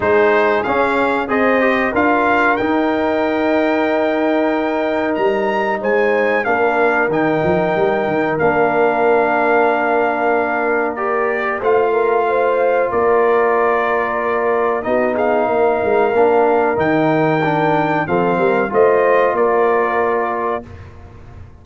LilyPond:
<<
  \new Staff \with { instrumentName = "trumpet" } { \time 4/4 \tempo 4 = 93 c''4 f''4 dis''4 f''4 | g''1 | ais''4 gis''4 f''4 g''4~ | g''4 f''2.~ |
f''4 d''4 f''2 | d''2. dis''8 f''8~ | f''2 g''2 | f''4 dis''4 d''2 | }
  \new Staff \with { instrumentName = "horn" } { \time 4/4 gis'2 c''4 ais'4~ | ais'1~ | ais'4 c''4 ais'2~ | ais'1~ |
ais'2 c''8 ais'8 c''4 | ais'2. fis'8 gis'8 | ais'1 | a'8 ais'8 c''4 ais'2 | }
  \new Staff \with { instrumentName = "trombone" } { \time 4/4 dis'4 cis'4 gis'8 g'8 f'4 | dis'1~ | dis'2 d'4 dis'4~ | dis'4 d'2.~ |
d'4 g'4 f'2~ | f'2. dis'4~ | dis'4 d'4 dis'4 d'4 | c'4 f'2. | }
  \new Staff \with { instrumentName = "tuba" } { \time 4/4 gis4 cis'4 c'4 d'4 | dis'1 | g4 gis4 ais4 dis8 f8 | g8 dis8 ais2.~ |
ais2 a2 | ais2. b4 | ais8 gis8 ais4 dis2 | f8 g8 a4 ais2 | }
>>